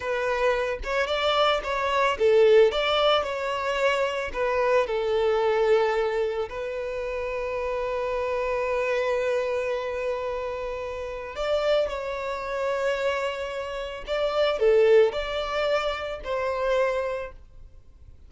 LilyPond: \new Staff \with { instrumentName = "violin" } { \time 4/4 \tempo 4 = 111 b'4. cis''8 d''4 cis''4 | a'4 d''4 cis''2 | b'4 a'2. | b'1~ |
b'1~ | b'4 d''4 cis''2~ | cis''2 d''4 a'4 | d''2 c''2 | }